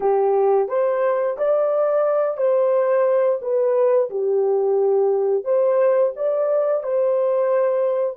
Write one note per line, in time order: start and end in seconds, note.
0.00 0.68 G4
0.68 1.36 C5
1.37 2.37 D5
2.37 3.39 C5
3.41 4.09 B4
4.10 5.44 G4
5.44 6.12 C5
6.16 6.83 D5
6.83 8.16 C5